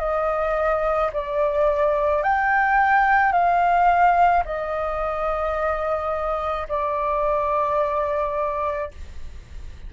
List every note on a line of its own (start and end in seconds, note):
0.00 1.11 D#5
1.14 2.24 D5
2.24 3.33 G5
3.33 4.44 F5
4.45 6.68 D#5
6.69 8.91 D5